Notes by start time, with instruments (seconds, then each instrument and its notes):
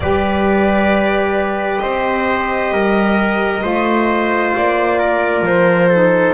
0.00 double bass G3, saxophone G4, trumpet B4, violin D5
1.78 double bass C4, trumpet C5, violin D#5
2.71 double bass G3, trumpet A#4
3.61 double bass A3, saxophone F4, trumpet C5
4.56 double bass A#3, violin D5
4.98 trumpet A#4
5.41 double bass F3, violin C5
5.89 saxophone D#4, trumpet A4